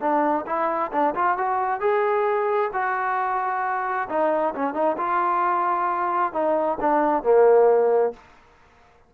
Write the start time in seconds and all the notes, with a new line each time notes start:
0.00 D4
0.46 E4
0.92 D4
1.15 F4
1.37 F#4
1.80 G#4
2.73 F#4
4.09 D#4
4.54 C#4
4.73 D#4
4.97 F4
6.33 D#4
6.80 D4
7.23 A#3